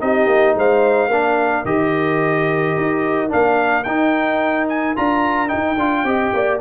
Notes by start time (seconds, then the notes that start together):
0.00 C4 D#4 G4 D#5
0.27 A#3
0.55 G#3 C5 F5
1.08 A#3 D4 A#4
1.65 D#3 G4 D#5
2.77 D#4
3.29 A#3 D4 F5
3.84 D#4 G5
4.68 G#5
4.96 D4 F4 A#5
5.48 D#4 G5
5.77 D4 F4
6.04 C4 G4 D#5
6.33 A#3 D5